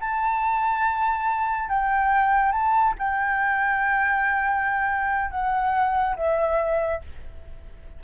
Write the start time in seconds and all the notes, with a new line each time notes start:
0.00 A5
1.68 G5
2.51 A5
2.98 G5
5.30 F#5
6.16 E5